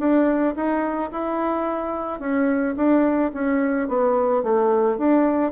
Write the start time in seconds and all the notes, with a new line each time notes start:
0.00 D4
0.56 D#4
1.12 E4
2.20 C#4
2.77 D4
3.34 C#4
3.89 B3
4.44 A3
4.98 D4